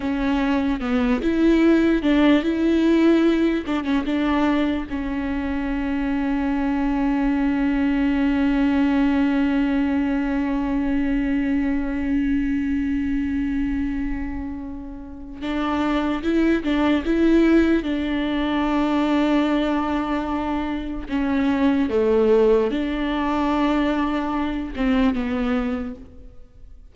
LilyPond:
\new Staff \with { instrumentName = "viola" } { \time 4/4 \tempo 4 = 74 cis'4 b8 e'4 d'8 e'4~ | e'8 d'16 cis'16 d'4 cis'2~ | cis'1~ | cis'1~ |
cis'2. d'4 | e'8 d'8 e'4 d'2~ | d'2 cis'4 a4 | d'2~ d'8 c'8 b4 | }